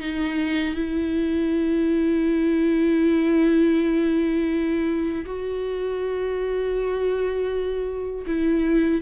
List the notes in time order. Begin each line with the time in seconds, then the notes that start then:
0.00 D#4
0.75 E4
5.25 F#4
8.26 E4